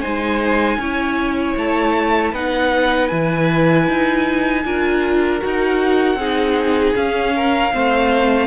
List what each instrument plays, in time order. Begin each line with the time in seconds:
0.00 cello G#3, viola D#4, violin C5 G#5
0.77 cello C#4, viola E4, violin C#5
1.56 cello A3, violin A5
2.32 cello B3, viola D#4, violin B4 F#5
3.08 cello E3, viola E4, violin G#5
3.87 cello D#4
4.64 cello D4, viola F4, violin A#4
5.40 cello D#4, viola F#4, violin F#5
6.15 cello C4, viola D#4, violin G#4
6.94 viola C#4, cello C#4, violin F5
7.34 violin A#4
7.73 cello A3, viola C4, violin C5